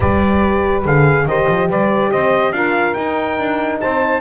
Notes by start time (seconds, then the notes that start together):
0.00 G3 G4 B4 D5
0.84 D3 G#4 F5
1.25 D#3 G4 C5 D#5
1.48 F3
1.68 G3 B4 D5
2.11 C4 C5 D#5
2.52 D4 F4 A#4 F5
2.94 D#4 G5
3.38 D4
3.80 C4 C5 A5